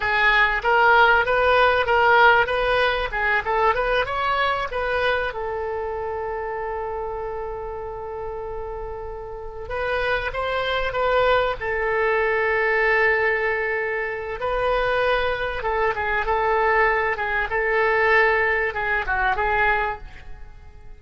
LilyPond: \new Staff \with { instrumentName = "oboe" } { \time 4/4 \tempo 4 = 96 gis'4 ais'4 b'4 ais'4 | b'4 gis'8 a'8 b'8 cis''4 b'8~ | b'8 a'2.~ a'8~ | a'2.~ a'8 b'8~ |
b'8 c''4 b'4 a'4.~ | a'2. b'4~ | b'4 a'8 gis'8 a'4. gis'8 | a'2 gis'8 fis'8 gis'4 | }